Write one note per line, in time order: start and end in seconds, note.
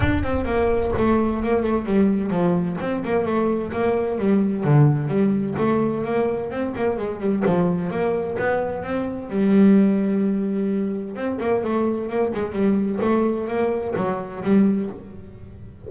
0.00 0.23 D4
0.23 0.45 C4
0.45 0.91 A#3
0.97 1.43 A3
1.43 1.62 A#3
1.62 1.85 A3
1.85 2.30 G3
2.30 2.77 F3
2.80 3.03 C4
3.04 3.25 A#3
3.25 3.71 A3
3.72 4.18 A#3
4.18 4.64 G3
4.64 5.08 D3
5.08 5.54 G3
5.58 6.04 A3
6.04 6.50 A#3
6.50 6.74 C4
6.76 6.97 A#3
6.97 7.20 G#3
7.20 7.43 G3
7.45 7.90 F3
7.90 8.37 A#3
8.38 8.83 B3
8.83 9.29 C4
9.29 11.15 G3
11.15 11.38 C4
11.40 11.63 A#3
11.63 12.09 A3
12.09 12.32 A#3
12.33 12.52 G#3
12.52 12.99 G3
13.01 13.47 A3
13.47 13.94 A#3
13.96 14.42 F#3
14.43 14.89 G3